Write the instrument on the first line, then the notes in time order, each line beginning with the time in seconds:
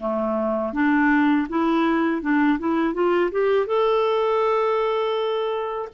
clarinet
0.00 A3
0.73 D4
1.49 E4
2.22 D4
2.59 E4
2.94 F4
3.32 G4
3.67 A4